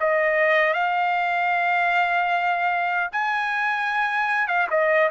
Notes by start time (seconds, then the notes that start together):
0.00 D#5
0.73 F5
3.12 G#5
4.47 F5
4.70 D#5